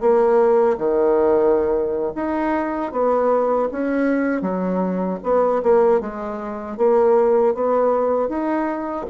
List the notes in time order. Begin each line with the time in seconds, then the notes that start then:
0.00 A#3
0.78 D#3
2.15 D#4
2.92 B3
3.71 C#4
4.42 F#3
5.23 B3
5.63 A#3
6.00 G#3
6.77 A#3
7.54 B3
8.29 D#4